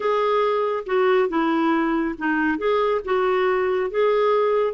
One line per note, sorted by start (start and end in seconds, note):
0.00 0.84 G#4
0.86 1.28 F#4
1.28 2.15 E4
2.17 2.58 D#4
2.58 3.01 G#4
3.04 3.90 F#4
3.90 4.74 G#4